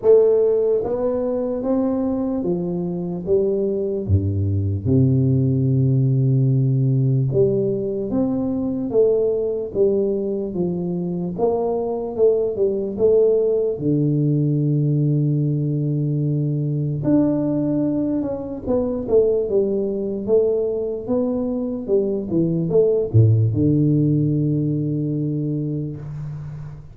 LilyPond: \new Staff \with { instrumentName = "tuba" } { \time 4/4 \tempo 4 = 74 a4 b4 c'4 f4 | g4 g,4 c2~ | c4 g4 c'4 a4 | g4 f4 ais4 a8 g8 |
a4 d2.~ | d4 d'4. cis'8 b8 a8 | g4 a4 b4 g8 e8 | a8 a,8 d2. | }